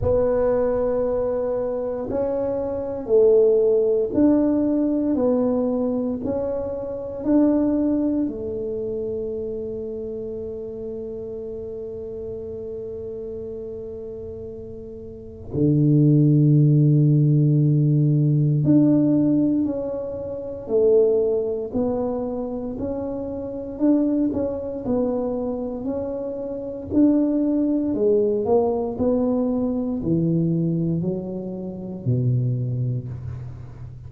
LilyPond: \new Staff \with { instrumentName = "tuba" } { \time 4/4 \tempo 4 = 58 b2 cis'4 a4 | d'4 b4 cis'4 d'4 | a1~ | a2. d4~ |
d2 d'4 cis'4 | a4 b4 cis'4 d'8 cis'8 | b4 cis'4 d'4 gis8 ais8 | b4 e4 fis4 b,4 | }